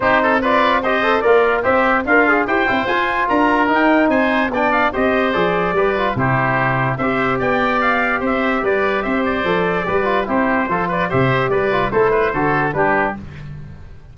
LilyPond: <<
  \new Staff \with { instrumentName = "trumpet" } { \time 4/4 \tempo 4 = 146 c''4 d''4 dis''4 d''4 | e''4 f''4 g''4 gis''4 | ais''4 g''4 gis''4 g''8 f''8 | dis''4 d''2 c''4~ |
c''4 e''4 g''4 f''4 | e''4 d''4 e''8 d''4.~ | d''4 c''4. d''8 e''4 | d''4 c''2 b'4 | }
  \new Staff \with { instrumentName = "oboe" } { \time 4/4 g'8 a'8 b'4 c''4 f'4 | g'4 f'4 c''2 | ais'2 c''4 d''4 | c''2 b'4 g'4~ |
g'4 c''4 d''2 | c''4 b'4 c''2 | b'4 g'4 a'8 b'8 c''4 | b'4 a'8 b'8 a'4 g'4 | }
  \new Staff \with { instrumentName = "trombone" } { \time 4/4 dis'4 f'4 g'8 a'8 ais'4 | c''4 ais'8 gis'8 g'8 e'8 f'4~ | f'4 dis'2 d'4 | g'4 gis'4 g'8 f'8 e'4~ |
e'4 g'2.~ | g'2. a'4 | g'8 f'8 e'4 f'4 g'4~ | g'8 f'8 e'4 fis'4 d'4 | }
  \new Staff \with { instrumentName = "tuba" } { \time 4/4 c'2. ais4 | c'4 d'4 e'8 c'8 f'4 | d'4 dis'4 c'4 b4 | c'4 f4 g4 c4~ |
c4 c'4 b2 | c'4 g4 c'4 f4 | g4 c'4 f4 c4 | g4 a4 d4 g4 | }
>>